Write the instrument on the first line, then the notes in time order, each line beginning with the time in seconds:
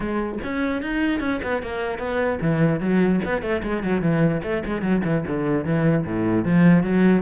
cello
0.00 G#3
0.43 C#4
0.81 D#4
1.20 C#4
1.43 B3
1.62 A#3
1.98 B3
2.41 E3
2.80 F#3
3.24 B3
3.41 A3
3.62 G#3
3.83 F#3
4.01 E3
4.43 A3
4.65 G#3
4.82 F#3
5.04 E3
5.27 D3
5.65 E3
6.05 A2
6.44 F3
6.83 F#3